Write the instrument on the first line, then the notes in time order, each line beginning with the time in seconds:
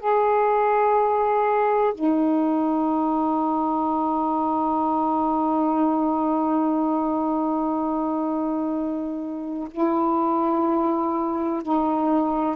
saxophone
0.00 G#4
1.94 D#4
9.71 E4
11.63 D#4